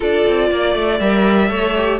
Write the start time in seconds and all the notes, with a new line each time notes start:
0.00 D4 F4 A4 D5
0.27 C4
0.50 A#3 D5
0.75 A3
0.99 G3 A#4 E5
1.48 A3 A4 C#5
1.77 G4